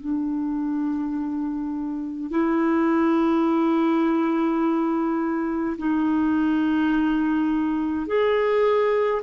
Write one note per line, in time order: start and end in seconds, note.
0.00 2.31 D4
2.31 5.77 E4
5.78 8.07 D#4
8.07 9.22 G#4